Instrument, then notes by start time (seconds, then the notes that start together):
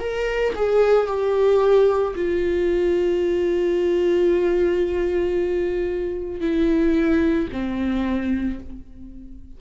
viola
0.00 A#4
0.56 G#4
1.07 G4
2.15 F4
6.41 E4
7.52 C4